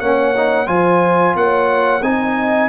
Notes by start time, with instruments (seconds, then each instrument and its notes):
0.00 tuba A#3, trombone C#4, horn C#5, trumpet F#5
0.36 trombone D#4
0.66 tuba F3, trombone F4, horn C5, trumpet G#5
1.36 tuba A#3, horn C#5, trumpet F#5
2.01 tuba C4, trombone D#4, horn D#5, trumpet G#5